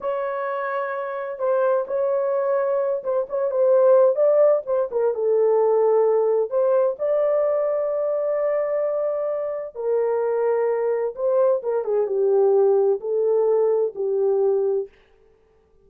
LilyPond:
\new Staff \with { instrumentName = "horn" } { \time 4/4 \tempo 4 = 129 cis''2. c''4 | cis''2~ cis''8 c''8 cis''8 c''8~ | c''4 d''4 c''8 ais'8 a'4~ | a'2 c''4 d''4~ |
d''1~ | d''4 ais'2. | c''4 ais'8 gis'8 g'2 | a'2 g'2 | }